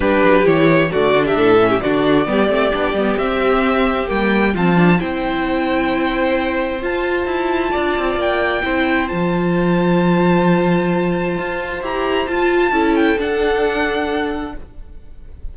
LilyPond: <<
  \new Staff \with { instrumentName = "violin" } { \time 4/4 \tempo 4 = 132 b'4 cis''4 d''8. e''4~ e''16 | d''2. e''4~ | e''4 g''4 a''4 g''4~ | g''2. a''4~ |
a''2 g''2 | a''1~ | a''2 ais''4 a''4~ | a''8 g''8 fis''2. | }
  \new Staff \with { instrumentName = "violin" } { \time 4/4 g'2 fis'8. g'16 a'8. g'16 | fis'4 g'2.~ | g'2 f'4 c''4~ | c''1~ |
c''4 d''2 c''4~ | c''1~ | c''1 | a'1 | }
  \new Staff \with { instrumentName = "viola" } { \time 4/4 d'4 e'4 a8 d'4 cis'8 | d'4 b8 c'8 d'8 b8 c'4~ | c'4 ais4 c'8 d'8 e'4~ | e'2. f'4~ |
f'2. e'4 | f'1~ | f'2 g'4 f'4 | e'4 d'2. | }
  \new Staff \with { instrumentName = "cello" } { \time 4/4 g8 fis8 e4 d4 a,4 | d4 g8 a8 b8 g8 c'4~ | c'4 g4 f4 c'4~ | c'2. f'4 |
e'4 d'8 c'8 ais4 c'4 | f1~ | f4 f'4 e'4 f'4 | cis'4 d'2. | }
>>